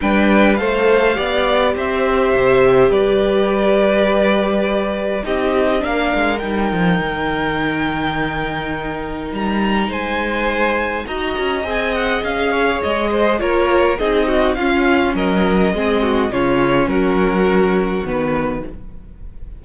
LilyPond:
<<
  \new Staff \with { instrumentName = "violin" } { \time 4/4 \tempo 4 = 103 g''4 f''2 e''4~ | e''4 d''2.~ | d''4 dis''4 f''4 g''4~ | g''1 |
ais''4 gis''2 ais''4 | gis''8 fis''8 f''4 dis''4 cis''4 | dis''4 f''4 dis''2 | cis''4 ais'2 b'4 | }
  \new Staff \with { instrumentName = "violin" } { \time 4/4 b'4 c''4 d''4 c''4~ | c''4 b'2.~ | b'4 g'4 ais'2~ | ais'1~ |
ais'4 c''2 dis''4~ | dis''4. cis''4 c''8 ais'4 | gis'8 fis'8 f'4 ais'4 gis'8 fis'8 | f'4 fis'2. | }
  \new Staff \with { instrumentName = "viola" } { \time 4/4 d'4 a'4 g'2~ | g'1~ | g'4 dis'4 d'4 dis'4~ | dis'1~ |
dis'2. fis'4 | gis'2. f'4 | dis'4 cis'2 c'4 | cis'2. b4 | }
  \new Staff \with { instrumentName = "cello" } { \time 4/4 g4 a4 b4 c'4 | c4 g2.~ | g4 c'4 ais8 gis8 g8 f8 | dis1 |
g4 gis2 dis'8 cis'8 | c'4 cis'4 gis4 ais4 | c'4 cis'4 fis4 gis4 | cis4 fis2 dis4 | }
>>